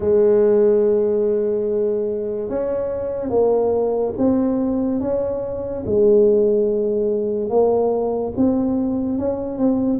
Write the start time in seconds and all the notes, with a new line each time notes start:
0.00 G#3
2.48 C#4
3.29 A#3
4.17 C4
5.00 C#4
5.86 G#3
7.49 A#3
8.36 C4
9.18 C#4
9.58 C4